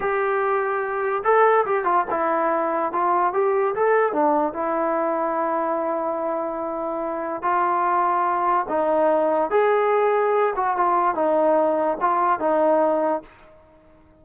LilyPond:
\new Staff \with { instrumentName = "trombone" } { \time 4/4 \tempo 4 = 145 g'2. a'4 | g'8 f'8 e'2 f'4 | g'4 a'4 d'4 e'4~ | e'1~ |
e'2 f'2~ | f'4 dis'2 gis'4~ | gis'4. fis'8 f'4 dis'4~ | dis'4 f'4 dis'2 | }